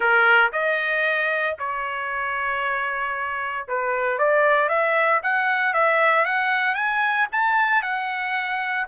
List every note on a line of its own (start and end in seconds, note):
0.00 0.51 A#4
0.52 1.56 D#5
1.58 3.67 C#5
3.68 4.18 B4
4.18 4.69 D5
4.69 5.21 E5
5.22 5.73 F#5
5.73 6.25 E5
6.25 6.74 F#5
6.74 7.27 G#5
7.32 7.82 A5
7.82 8.86 F#5